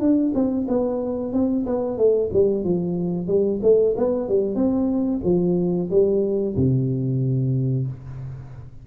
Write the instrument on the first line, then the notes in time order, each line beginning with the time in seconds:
tuba
0.00 D4
0.35 C4
0.68 B3
1.33 C4
1.66 B3
1.98 A3
2.33 G3
2.65 F3
3.28 G3
3.63 A3
3.98 B3
4.29 G3
4.56 C4
5.24 F3
5.91 G3
6.57 C3